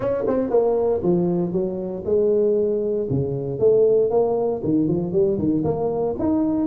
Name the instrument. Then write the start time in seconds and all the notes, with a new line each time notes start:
tuba
0.00 C#4
0.27 C4
0.50 A#3
1.02 F3
1.52 F#3
2.05 G#3
3.10 C#3
3.59 A3
4.10 A#3
4.63 D#3
4.87 F3
5.12 G3
5.38 D#3
5.64 A#3
6.18 D#4